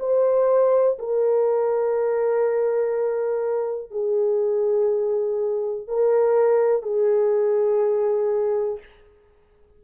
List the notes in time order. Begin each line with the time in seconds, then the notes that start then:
0.00 C5
0.99 A#4
3.91 G#4
5.88 A#4
6.83 G#4